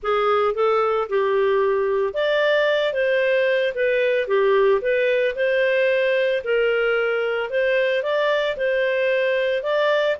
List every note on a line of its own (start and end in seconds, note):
0.02 0.54 G#4
0.54 1.08 A4
1.09 2.13 G4
2.13 2.93 D5
2.93 3.73 C5
3.75 4.27 B4
4.27 4.81 G4
4.81 5.35 B4
5.35 6.43 C5
6.43 7.50 A#4
7.50 8.02 C5
8.02 8.56 D5
8.57 9.62 C5
9.62 10.16 D5